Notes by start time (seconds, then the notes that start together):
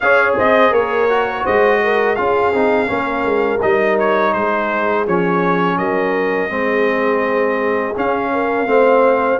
0.00 C#4 G#4 C#5 F5
0.36 C4 C5 D#5
0.70 A#3 A#4 C#5
1.09 F#4
1.42 G#3 C5 D#5
1.83 A#4
2.15 C#4 F4 G#4 F5
2.53 C4 D#4
2.86 A#3 C#4 A#4
3.24 G#3
3.61 G3 D#4 D#5
3.99 C#5
4.33 G#3 G#4 C5
5.06 F3 C#4 C#5
5.78 F#3 A#4 D#5
6.49 G#3 C4 G#4
7.96 C#4 F5
8.32 A#4
8.66 A3 C4 C5